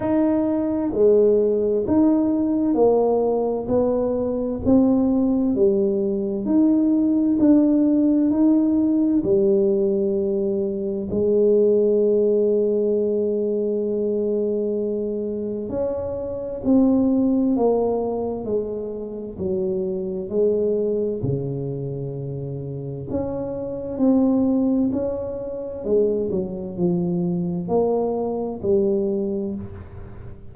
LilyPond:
\new Staff \with { instrumentName = "tuba" } { \time 4/4 \tempo 4 = 65 dis'4 gis4 dis'4 ais4 | b4 c'4 g4 dis'4 | d'4 dis'4 g2 | gis1~ |
gis4 cis'4 c'4 ais4 | gis4 fis4 gis4 cis4~ | cis4 cis'4 c'4 cis'4 | gis8 fis8 f4 ais4 g4 | }